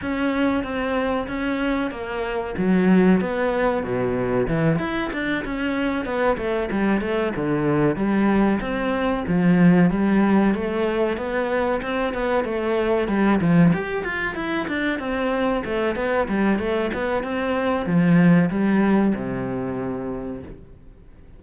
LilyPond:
\new Staff \with { instrumentName = "cello" } { \time 4/4 \tempo 4 = 94 cis'4 c'4 cis'4 ais4 | fis4 b4 b,4 e8 e'8 | d'8 cis'4 b8 a8 g8 a8 d8~ | d8 g4 c'4 f4 g8~ |
g8 a4 b4 c'8 b8 a8~ | a8 g8 f8 g'8 f'8 e'8 d'8 c'8~ | c'8 a8 b8 g8 a8 b8 c'4 | f4 g4 c2 | }